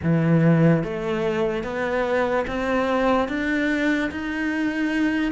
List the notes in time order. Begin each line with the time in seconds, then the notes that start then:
0.02 E3
0.83 A3
1.63 B3
2.47 C4
3.28 D4
4.11 D#4